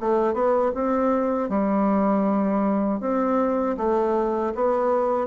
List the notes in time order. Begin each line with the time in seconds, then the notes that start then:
0.00 A3
0.34 B3
0.75 C4
1.49 G3
3.01 C4
3.77 A3
4.55 B3